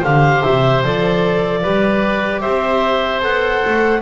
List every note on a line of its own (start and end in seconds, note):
0.00 0.44 D3
0.00 0.84 G4
0.00 1.60 C5
0.00 0.43 F5
0.43 0.84 C3
0.43 0.83 E5
0.84 1.64 F3
0.84 1.64 A4
0.84 2.41 D5
1.63 2.44 G3
1.63 3.21 G4
1.63 2.42 B4
2.41 3.24 C4
2.41 4.02 C5
2.41 3.21 E5
3.21 3.64 B3
3.21 4.01 A4
3.21 4.02 F#5
3.66 4.02 A3